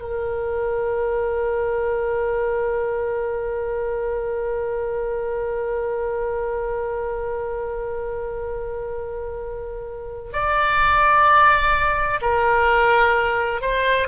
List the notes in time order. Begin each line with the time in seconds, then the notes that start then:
0.00 A#4
10.33 D5
12.21 A#4
13.61 C5